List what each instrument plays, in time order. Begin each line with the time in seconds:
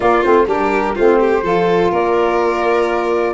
0.00 saxophone A#3, tuba A#3, violin F4, flute D5
0.22 tuba A3, saxophone C4, flute C5
0.46 tuba G3, saxophone D4, violin G4, flute A#4
0.95 tuba A3, saxophone C4, violin F4, flute C5
1.19 violin G4
1.42 tuba F3, saxophone F4, violin A4
1.91 tuba A#3, violin A#4, flute D5